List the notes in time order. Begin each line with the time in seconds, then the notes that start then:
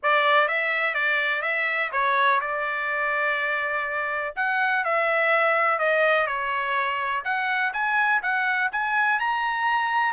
0.02 D5
0.48 E5
0.94 D5
1.42 E5
1.91 C#5
2.40 D5
4.36 F#5
4.84 E5
5.78 D#5
6.26 C#5
7.24 F#5
7.73 G#5
8.22 F#5
8.72 G#5
9.19 A#5